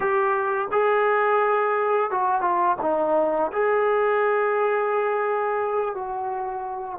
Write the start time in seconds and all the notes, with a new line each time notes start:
0.00 G4
0.71 G#4
2.10 F#4
2.41 F4
2.81 D#4
3.52 G#4
5.94 F#4